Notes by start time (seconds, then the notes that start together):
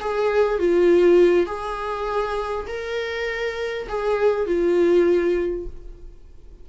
0.00 G#4
0.59 F4
1.46 G#4
2.67 A#4
3.89 G#4
4.46 F4